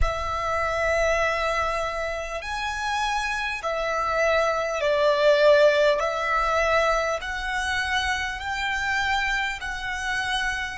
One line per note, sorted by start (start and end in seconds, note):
0.01 2.41 E5
2.41 3.61 G#5
3.62 4.81 E5
4.81 5.99 D5
5.99 7.19 E5
7.21 8.39 F#5
8.39 9.59 G5
9.60 10.78 F#5